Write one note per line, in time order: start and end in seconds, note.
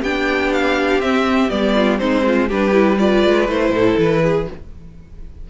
0.00 0.99 B3
0.00 1.02 D4
0.00 1.74 G4
0.00 0.53 G5
0.53 1.01 F5
0.99 1.48 C4
0.99 1.49 C4
0.99 1.50 E5
1.49 2.01 G3
1.49 1.98 B3
1.49 1.98 D5
1.75 1.99 F4
1.98 2.51 G#3
1.98 2.48 C4
1.98 2.25 D#4
1.98 2.48 C5
2.27 2.48 F4
2.48 3.24 G3
2.48 2.72 D4
2.48 2.98 G4
2.48 2.99 B4
2.72 2.97 E4
2.99 3.48 F4
2.99 3.74 B4
2.99 3.49 D5
3.24 3.48 G#3
3.48 3.70 A3
3.48 4.48 E4
3.48 3.99 C5
3.70 3.95 A2
3.70 4.23 A4
3.98 4.48 E3
3.98 4.50 B4
4.23 4.48 G#4